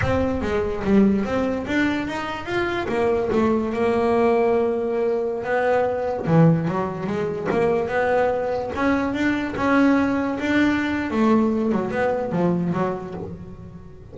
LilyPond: \new Staff \with { instrumentName = "double bass" } { \time 4/4 \tempo 4 = 146 c'4 gis4 g4 c'4 | d'4 dis'4 f'4 ais4 | a4 ais2.~ | ais4~ ais16 b2 e8.~ |
e16 fis4 gis4 ais4 b8.~ | b4~ b16 cis'4 d'4 cis'8.~ | cis'4~ cis'16 d'4.~ d'16 a4~ | a8 fis8 b4 f4 fis4 | }